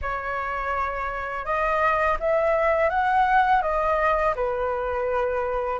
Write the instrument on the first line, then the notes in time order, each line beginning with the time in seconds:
flute
0.01 C#5
1.45 D#5
2.19 E5
2.89 F#5
3.61 D#5
4.35 B4